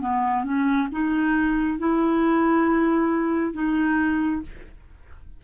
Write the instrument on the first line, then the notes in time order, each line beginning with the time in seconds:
clarinet
0.00 B3
0.44 C#4
0.91 D#4
1.78 E4
3.53 D#4